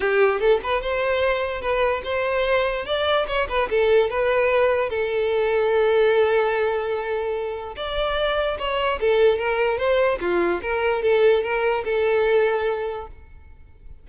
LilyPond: \new Staff \with { instrumentName = "violin" } { \time 4/4 \tempo 4 = 147 g'4 a'8 b'8 c''2 | b'4 c''2 d''4 | cis''8 b'8 a'4 b'2 | a'1~ |
a'2. d''4~ | d''4 cis''4 a'4 ais'4 | c''4 f'4 ais'4 a'4 | ais'4 a'2. | }